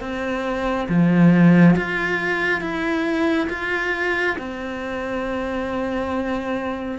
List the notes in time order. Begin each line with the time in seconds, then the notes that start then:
0.00 C4
0.89 F3
1.76 F4
2.61 E4
3.49 F4
4.38 C4